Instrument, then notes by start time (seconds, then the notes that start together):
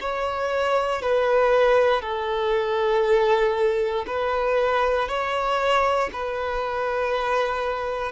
violin
0.00 C#5
1.01 B4
2.01 A4
4.06 B4
5.08 C#5
6.12 B4